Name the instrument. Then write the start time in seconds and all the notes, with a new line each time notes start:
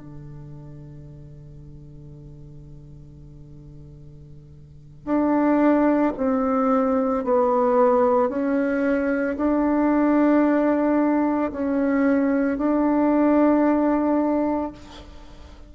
bassoon
0.00 D3
5.05 D4
6.17 C4
7.24 B3
8.29 C#4
9.37 D4
11.52 C#4
12.58 D4